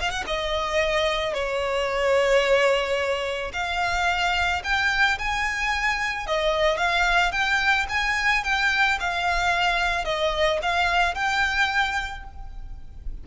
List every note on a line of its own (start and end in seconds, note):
0.00 0.10 F5
0.10 0.24 F#5
0.27 1.34 D#5
1.34 3.52 C#5
3.53 4.62 F5
4.64 5.18 G5
5.19 6.27 G#5
6.27 6.78 D#5
6.78 7.32 F5
7.32 7.86 G5
7.89 8.44 G#5
8.44 8.99 G5
9.00 10.05 F5
10.05 10.59 D#5
10.62 11.15 F5
11.15 12.24 G5